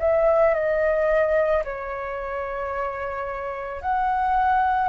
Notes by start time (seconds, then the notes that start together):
0.00 E5
0.55 D#5
1.65 C#5
3.82 F#5